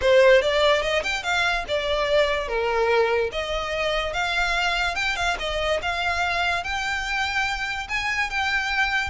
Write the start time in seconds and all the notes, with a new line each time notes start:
0.01 C5
0.41 D5
0.82 D#5
1.03 G5
1.23 F5
1.67 D5
2.47 A#4
3.32 D#5
4.13 F5
4.95 G5
5.16 F5
5.39 D#5
5.81 F5
6.63 G5
7.88 G#5
8.30 G5